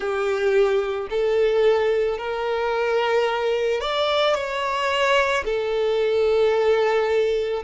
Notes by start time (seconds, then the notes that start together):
0.00 G4
1.10 A4
2.18 A#4
3.80 D5
4.34 C#5
5.44 A4